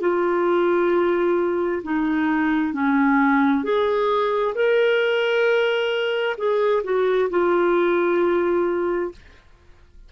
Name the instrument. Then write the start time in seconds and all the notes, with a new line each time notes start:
clarinet
0.00 F4
1.83 D#4
2.73 C#4
3.63 G#4
4.55 A#4
6.37 G#4
6.83 F#4
7.30 F4